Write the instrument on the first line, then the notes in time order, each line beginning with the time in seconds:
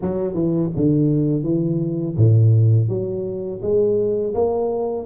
tuba
0.01 F#3
0.34 E3
0.76 D3
1.43 E3
2.16 A2
2.88 F#3
3.61 G#3
4.34 A#3